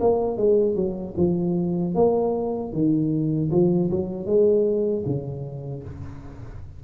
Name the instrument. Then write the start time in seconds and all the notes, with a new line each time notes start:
tuba
0.00 A#3
0.37 G#3
0.75 F#3
1.17 F3
1.94 A#3
2.72 D#3
3.51 F3
3.90 F#3
4.26 G#3
5.05 C#3